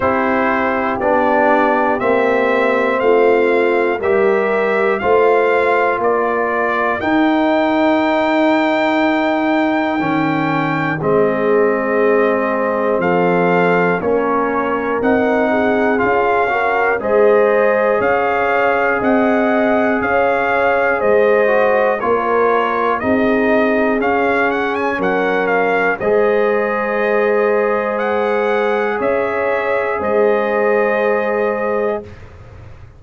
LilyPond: <<
  \new Staff \with { instrumentName = "trumpet" } { \time 4/4 \tempo 4 = 60 c''4 d''4 e''4 f''4 | e''4 f''4 d''4 g''4~ | g''2. dis''4~ | dis''4 f''4 cis''4 fis''4 |
f''4 dis''4 f''4 fis''4 | f''4 dis''4 cis''4 dis''4 | f''8 fis''16 gis''16 fis''8 f''8 dis''2 | fis''4 e''4 dis''2 | }
  \new Staff \with { instrumentName = "horn" } { \time 4/4 g'2. f'4 | ais'4 c''4 ais'2~ | ais'2. gis'4~ | gis'4 a'4 ais'4. gis'8~ |
gis'8 ais'8 c''4 cis''4 dis''4 | cis''4 c''4 ais'4 gis'4~ | gis'4 ais'4 c''2~ | c''4 cis''4 c''2 | }
  \new Staff \with { instrumentName = "trombone" } { \time 4/4 e'4 d'4 c'2 | g'4 f'2 dis'4~ | dis'2 cis'4 c'4~ | c'2 cis'4 dis'4 |
f'8 fis'8 gis'2.~ | gis'4. fis'8 f'4 dis'4 | cis'2 gis'2~ | gis'1 | }
  \new Staff \with { instrumentName = "tuba" } { \time 4/4 c'4 b4 ais4 a4 | g4 a4 ais4 dis'4~ | dis'2 dis4 gis4~ | gis4 f4 ais4 c'4 |
cis'4 gis4 cis'4 c'4 | cis'4 gis4 ais4 c'4 | cis'4 fis4 gis2~ | gis4 cis'4 gis2 | }
>>